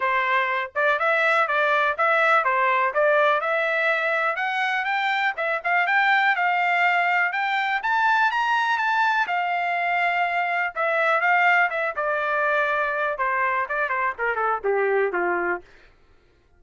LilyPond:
\new Staff \with { instrumentName = "trumpet" } { \time 4/4 \tempo 4 = 123 c''4. d''8 e''4 d''4 | e''4 c''4 d''4 e''4~ | e''4 fis''4 g''4 e''8 f''8 | g''4 f''2 g''4 |
a''4 ais''4 a''4 f''4~ | f''2 e''4 f''4 | e''8 d''2~ d''8 c''4 | d''8 c''8 ais'8 a'8 g'4 f'4 | }